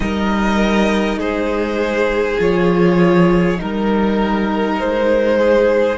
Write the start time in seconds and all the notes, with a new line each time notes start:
0.00 G3 D#4 A#4 D#5
1.16 G#3 G#4 C5
2.38 F3 F4 C#5
3.56 G3 D#4 A#4
4.79 G#3 C5
5.38 G#4